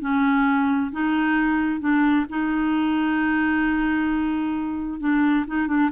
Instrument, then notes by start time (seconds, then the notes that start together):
clarinet
0.00 C#4
0.92 D#4
1.80 D4
2.29 D#4
5.00 D4
5.47 D#4
5.67 D4